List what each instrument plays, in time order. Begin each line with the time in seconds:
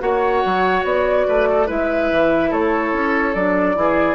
0.00 bassoon A#3, clarinet F#4, oboe C#5, flute F#5
0.45 bassoon F#3
0.84 bassoon B3, flute D5
1.27 bassoon A3, oboe B4
1.50 oboe A4
1.66 bassoon G#3, clarinet E4, oboe B4, flute E5
2.11 bassoon E3
2.50 bassoon A3, oboe A4, flute C#5
2.93 bassoon C#4
3.34 bassoon F#3, clarinet D4, flute D5
3.75 bassoon E3, clarinet E4, oboe G#4